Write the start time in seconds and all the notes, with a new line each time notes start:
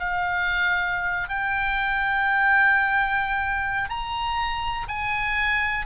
0.00 F5
1.29 G5
3.90 A#5
4.89 G#5